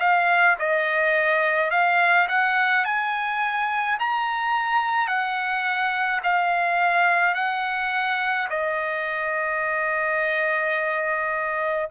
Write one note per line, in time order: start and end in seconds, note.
0.00 0.57 F5
0.59 1.71 D#5
1.71 2.27 F5
2.28 2.85 F#5
2.85 3.98 G#5
3.99 5.07 A#5
5.07 6.21 F#5
6.23 7.34 F5
7.34 8.48 F#5
8.50 11.89 D#5